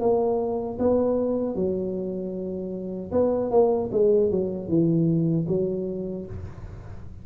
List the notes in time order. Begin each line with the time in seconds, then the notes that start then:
0.00 A#3
0.78 B3
1.55 F#3
3.12 B3
3.51 A#3
3.92 G#3
4.31 F#3
4.68 E3
5.48 F#3